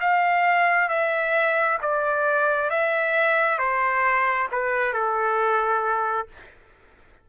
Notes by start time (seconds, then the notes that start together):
0.00 F5
0.88 E5
1.81 D5
2.69 E5
3.58 C5
4.51 B4
4.93 A4